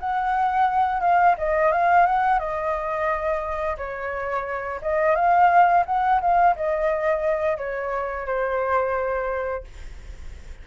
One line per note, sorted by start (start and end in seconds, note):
0.00 1.01 F#5
1.01 1.35 F5
1.38 1.72 D#5
1.72 2.06 F5
2.07 2.39 F#5
2.39 3.77 D#5
3.77 4.81 C#5
4.82 5.16 D#5
5.16 5.85 F5
5.86 6.21 F#5
6.21 6.56 F5
6.56 7.58 D#5
7.58 8.26 C#5
8.26 9.64 C5